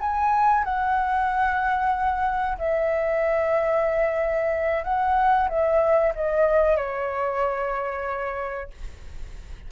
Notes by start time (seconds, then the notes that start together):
0.00 G#5
0.64 F#5
2.58 E5
4.84 F#5
5.49 E5
6.15 D#5
6.76 C#5